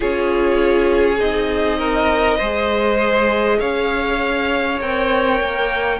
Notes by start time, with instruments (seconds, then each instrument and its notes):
0.00 cello C#4, viola F4, violin G#4 C#5
1.19 cello C4, viola D#4, violin D#5
1.78 violin A#4
2.37 cello G#3, viola G#4, violin C5
3.59 cello C#4, violin C#5 F5
4.80 cello C4, viola A#4, violin G5
5.40 cello A#3